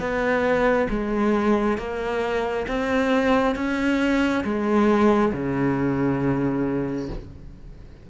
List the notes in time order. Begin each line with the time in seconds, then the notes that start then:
0.00 B3
0.90 G#3
1.78 A#3
2.68 C4
3.56 C#4
4.44 G#3
5.33 C#3